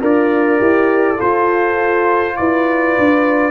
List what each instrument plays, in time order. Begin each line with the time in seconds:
0.00 tuba D4, horn F4, trombone A#4, trumpet D5
0.59 tuba E4, horn G4
1.16 trombone F4, tuba F4, horn A4, trumpet C5
2.37 tuba E4, horn B4, trumpet D5
2.99 tuba D4